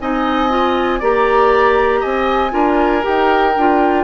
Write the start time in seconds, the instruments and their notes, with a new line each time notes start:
0.00 bassoon C4, clarinet D#4, oboe D#5, flute G#5
0.50 clarinet F4
1.00 bassoon A#3, clarinet G4, oboe D5, flute A#5
2.01 bassoon C4, oboe D#5, flute G#5
2.51 bassoon D4, clarinet F4, oboe A#4
3.03 bassoon D#4, clarinet G4, flute G5
3.57 bassoon D4, clarinet F4